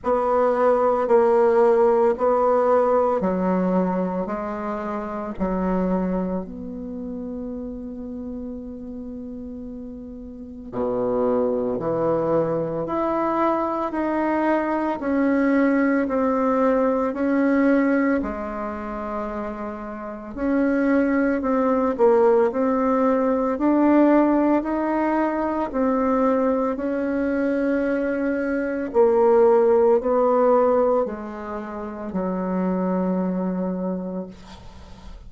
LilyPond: \new Staff \with { instrumentName = "bassoon" } { \time 4/4 \tempo 4 = 56 b4 ais4 b4 fis4 | gis4 fis4 b2~ | b2 b,4 e4 | e'4 dis'4 cis'4 c'4 |
cis'4 gis2 cis'4 | c'8 ais8 c'4 d'4 dis'4 | c'4 cis'2 ais4 | b4 gis4 fis2 | }